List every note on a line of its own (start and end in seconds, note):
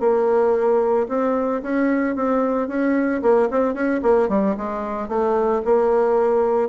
0.00 1.07 A#3
1.08 1.62 C4
1.62 2.16 C#4
2.16 2.68 C4
2.68 3.22 C#4
3.22 3.49 A#3
3.51 3.74 C4
3.74 4.01 C#4
4.03 4.29 A#3
4.29 4.56 G3
4.57 5.08 G#3
5.08 5.62 A3
5.65 6.69 A#3